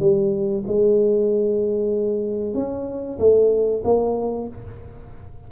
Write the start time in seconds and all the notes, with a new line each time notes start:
0.00 G3
0.67 G#3
2.54 C#4
3.19 A3
3.84 A#3